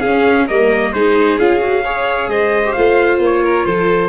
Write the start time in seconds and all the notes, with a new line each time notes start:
0.00 C#4 G#4 F5
0.47 G3 A#3 A#4 D#5
0.93 G#3 D#4 G#4 C5
1.39 C#4 F4 F5
1.59 F#4
1.84 G#4 C#5
2.28 G#3 C5 D#5
2.65 G4
2.73 A3 F4 F5
3.19 A#3
3.25 C#5
3.44 A#4
3.66 F3 A4 C5